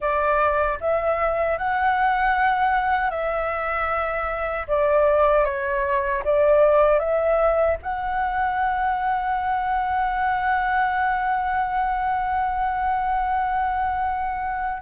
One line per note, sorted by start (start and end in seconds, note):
0.00 0.78 D5
0.80 1.58 E5
1.58 3.10 F#5
3.10 4.66 E5
4.67 5.44 D5
5.44 6.22 C#5
6.24 6.99 D5
6.99 7.77 E5
7.82 14.82 F#5